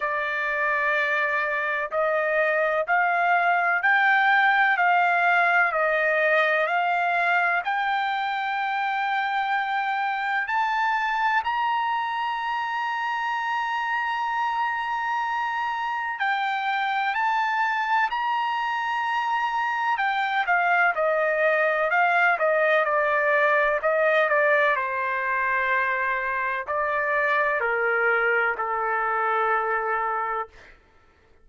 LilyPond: \new Staff \with { instrumentName = "trumpet" } { \time 4/4 \tempo 4 = 63 d''2 dis''4 f''4 | g''4 f''4 dis''4 f''4 | g''2. a''4 | ais''1~ |
ais''4 g''4 a''4 ais''4~ | ais''4 g''8 f''8 dis''4 f''8 dis''8 | d''4 dis''8 d''8 c''2 | d''4 ais'4 a'2 | }